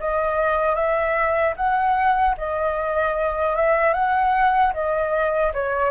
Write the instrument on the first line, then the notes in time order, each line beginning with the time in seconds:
flute
0.00 D#5
0.75 E5
1.56 F#5
2.38 D#5
3.56 E5
3.94 F#5
4.73 D#5
5.53 C#5